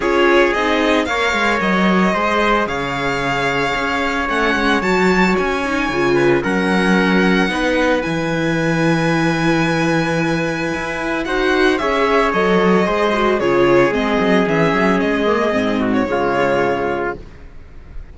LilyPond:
<<
  \new Staff \with { instrumentName = "violin" } { \time 4/4 \tempo 4 = 112 cis''4 dis''4 f''4 dis''4~ | dis''4 f''2. | fis''4 a''4 gis''2 | fis''2. gis''4~ |
gis''1~ | gis''4 fis''4 e''4 dis''4~ | dis''4 cis''4 dis''4 e''4 | dis''4.~ dis''16 cis''2~ cis''16 | }
  \new Staff \with { instrumentName = "trumpet" } { \time 4/4 gis'2 cis''2 | c''4 cis''2.~ | cis''2.~ cis''8 b'8 | ais'2 b'2~ |
b'1~ | b'4 c''4 cis''2 | c''4 gis'2.~ | gis'4. fis'8 f'2 | }
  \new Staff \with { instrumentName = "viola" } { \time 4/4 f'4 dis'4 ais'2 | gis'1 | cis'4 fis'4. dis'8 f'4 | cis'2 dis'4 e'4~ |
e'1~ | e'4 fis'4 gis'4 a'4 | gis'8 fis'8 f'4 c'4 cis'4~ | cis'8 ais8 c'4 gis2 | }
  \new Staff \with { instrumentName = "cello" } { \time 4/4 cis'4 c'4 ais8 gis8 fis4 | gis4 cis2 cis'4 | a8 gis8 fis4 cis'4 cis4 | fis2 b4 e4~ |
e1 | e'4 dis'4 cis'4 fis4 | gis4 cis4 gis8 fis8 e8 fis8 | gis4 gis,4 cis2 | }
>>